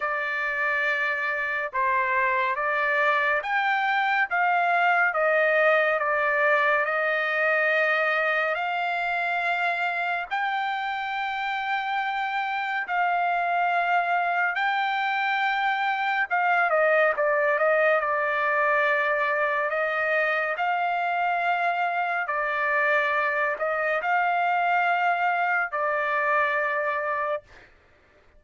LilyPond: \new Staff \with { instrumentName = "trumpet" } { \time 4/4 \tempo 4 = 70 d''2 c''4 d''4 | g''4 f''4 dis''4 d''4 | dis''2 f''2 | g''2. f''4~ |
f''4 g''2 f''8 dis''8 | d''8 dis''8 d''2 dis''4 | f''2 d''4. dis''8 | f''2 d''2 | }